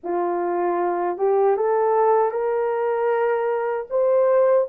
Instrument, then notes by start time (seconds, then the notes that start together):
horn
0.03 F4
1.17 G4
1.56 A4
2.31 A#4
3.90 C5